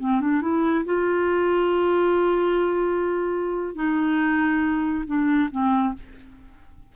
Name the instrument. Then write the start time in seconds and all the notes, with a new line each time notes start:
clarinet
0.00 C4
0.21 D4
0.41 E4
0.85 F4
3.75 D#4
5.06 D4
5.51 C4